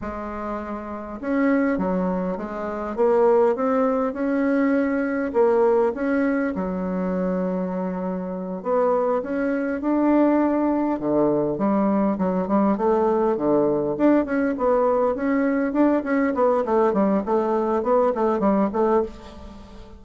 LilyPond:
\new Staff \with { instrumentName = "bassoon" } { \time 4/4 \tempo 4 = 101 gis2 cis'4 fis4 | gis4 ais4 c'4 cis'4~ | cis'4 ais4 cis'4 fis4~ | fis2~ fis8 b4 cis'8~ |
cis'8 d'2 d4 g8~ | g8 fis8 g8 a4 d4 d'8 | cis'8 b4 cis'4 d'8 cis'8 b8 | a8 g8 a4 b8 a8 g8 a8 | }